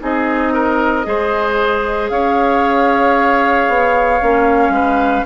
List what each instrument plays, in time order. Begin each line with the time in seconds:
0.00 bassoon C4, clarinet D#4, oboe G#4, flute D#5
0.54 oboe A#4
1.04 bassoon G#3, clarinet G#4, oboe C5
2.10 bassoon C#4, oboe C#5, flute F5
3.69 bassoon B3
4.21 bassoon A#3, clarinet C#4
4.70 bassoon G#3, oboe B4